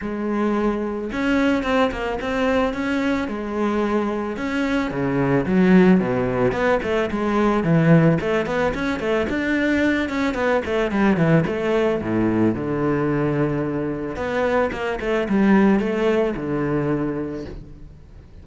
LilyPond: \new Staff \with { instrumentName = "cello" } { \time 4/4 \tempo 4 = 110 gis2 cis'4 c'8 ais8 | c'4 cis'4 gis2 | cis'4 cis4 fis4 b,4 | b8 a8 gis4 e4 a8 b8 |
cis'8 a8 d'4. cis'8 b8 a8 | g8 e8 a4 a,4 d4~ | d2 b4 ais8 a8 | g4 a4 d2 | }